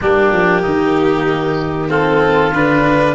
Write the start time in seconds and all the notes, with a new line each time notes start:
0.01 G3 A#3 D4 G4
0.32 F3
0.61 D#3 D#4
1.88 C4 F4 A4
2.53 D3 D4 B4